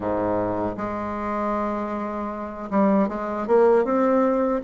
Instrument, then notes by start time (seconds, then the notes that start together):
bassoon
0.00 G#2
0.77 G#3
2.70 G3
3.08 G#3
3.47 A#3
3.84 C4